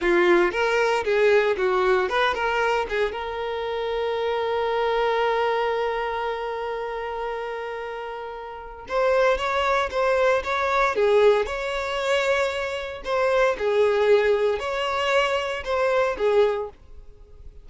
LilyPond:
\new Staff \with { instrumentName = "violin" } { \time 4/4 \tempo 4 = 115 f'4 ais'4 gis'4 fis'4 | b'8 ais'4 gis'8 ais'2~ | ais'1~ | ais'1~ |
ais'4 c''4 cis''4 c''4 | cis''4 gis'4 cis''2~ | cis''4 c''4 gis'2 | cis''2 c''4 gis'4 | }